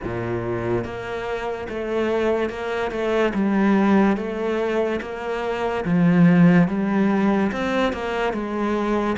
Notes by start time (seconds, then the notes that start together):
0.04 A#2
0.84 A#3
1.69 A3
2.49 A#3
2.91 A3
3.34 G3
4.16 A3
5.01 A#3
5.84 F3
6.67 G3
7.52 C4
7.92 A#3
8.33 G#3